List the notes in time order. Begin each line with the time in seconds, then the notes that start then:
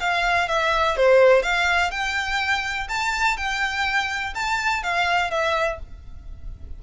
0.00 F5
0.48 E5
0.97 C5
1.43 F5
1.91 G5
2.89 A5
3.37 G5
4.35 A5
4.83 F5
5.31 E5